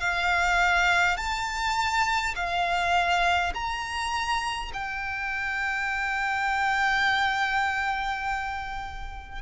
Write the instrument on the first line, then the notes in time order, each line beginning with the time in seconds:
violin
0.00 F5
1.17 A5
2.35 F5
3.54 A#5
4.73 G5